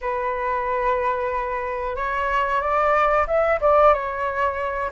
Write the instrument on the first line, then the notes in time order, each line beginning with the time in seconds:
flute
0.01 B4
1.96 C#5
2.61 D5
3.27 E5
3.60 D5
3.93 C#5